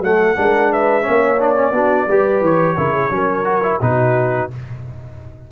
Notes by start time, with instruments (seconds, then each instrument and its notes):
0.00 tuba F#3, trombone A3, horn A4, trumpet F#5
0.36 tuba G#3, trombone D4, horn A#4
0.72 horn B4, trumpet E5
1.02 tuba A#3, trombone C#4, horn C#5
1.40 trombone D4, trumpet D5
1.56 trombone C#4
1.72 tuba B3, trombone D4, horn F#4
2.07 tuba G3, trombone G4, horn B4
2.41 tuba E3, trumpet C#5
2.77 tuba C#3, trombone E4, horn A#4
2.94 horn G#4
3.10 tuba F#3, trombone C#4, horn A#4
3.45 trombone F#4
3.63 trombone E4
3.81 tuba B2, trombone D#4, horn F#4, trumpet B4